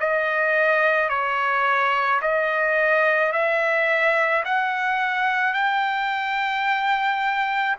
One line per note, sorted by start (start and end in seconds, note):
0.00 1.09 D#5
1.09 2.20 C#5
2.21 3.32 D#5
3.32 4.43 E5
4.44 5.54 F#5
5.54 7.76 G5